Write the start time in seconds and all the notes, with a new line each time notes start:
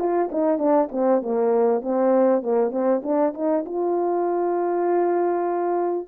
0.00 F4
0.32 D#4
0.59 D4
0.92 C4
1.22 A#3
1.82 C4
2.43 A#3
2.72 C4
3.04 D4
3.34 D#4
3.66 F4